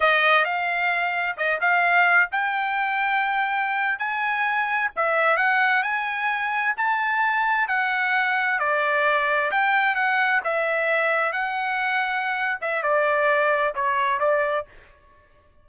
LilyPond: \new Staff \with { instrumentName = "trumpet" } { \time 4/4 \tempo 4 = 131 dis''4 f''2 dis''8 f''8~ | f''4 g''2.~ | g''8. gis''2 e''4 fis''16~ | fis''8. gis''2 a''4~ a''16~ |
a''8. fis''2 d''4~ d''16~ | d''8. g''4 fis''4 e''4~ e''16~ | e''8. fis''2~ fis''8. e''8 | d''2 cis''4 d''4 | }